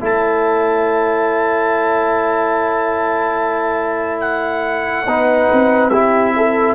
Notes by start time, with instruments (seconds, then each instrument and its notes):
0.00 tuba A3, trombone E4, horn C#5, trumpet A5
4.20 trumpet F#5
5.06 tuba B3, trombone D#4, horn B4
5.52 tuba C4
5.89 trombone E4, horn G4, trumpet E5
6.37 horn A4